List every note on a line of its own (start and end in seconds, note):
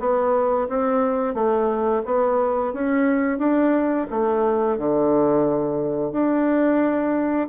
0.00 0.68 B3
0.69 1.35 C4
1.35 2.03 A3
2.05 2.74 B3
2.74 3.39 C#4
3.39 4.07 D4
4.11 4.78 A3
4.78 6.12 D3
6.12 7.49 D4